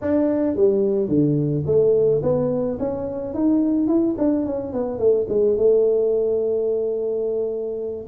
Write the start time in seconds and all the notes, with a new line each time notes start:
0.01 D4
0.56 G3
1.08 D3
1.65 A3
2.22 B3
2.79 C#4
3.33 D#4
3.87 E4
4.18 D4
4.45 C#4
4.72 B3
4.98 A3
5.29 G#3
5.56 A3